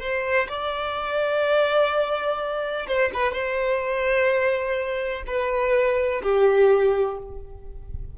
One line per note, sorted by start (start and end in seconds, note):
0.00 0.48 C5
0.48 2.87 D5
2.87 3.11 C5
3.13 3.32 B4
3.32 5.23 C5
5.27 6.22 B4
6.23 7.18 G4